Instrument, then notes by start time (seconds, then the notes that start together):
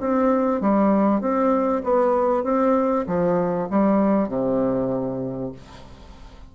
bassoon
0.00 C4
0.61 G3
1.21 C4
1.83 B3
2.43 C4
3.06 F3
3.70 G3
4.28 C3